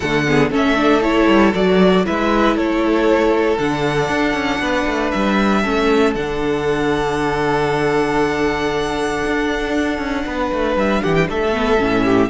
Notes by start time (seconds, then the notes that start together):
0.00 D3 A3 A4 F#5
0.27 B3 G#4
0.50 A3 C#4 A4 E5
0.76 D4
1.01 E4 C#5
1.27 G3
1.54 F#3 F#4 D5
2.05 G#3 E4 B4 E5
2.55 A3 A4 C#5
3.58 D3 D4 F#5
4.09 D4
4.33 C#4
4.59 B3 B4
4.86 A3
5.10 G3 E5
5.61 A3 C#4 A4
6.15 D3 D4 F#5
9.25 D4
9.98 C#4
10.26 B3 B4
10.52 A3
10.76 G3 E5
11.01 E3 G4 F#5
11.14 G5
11.29 A3 A4 E5
11.52 B3
11.78 A2 C#4
12.04 G4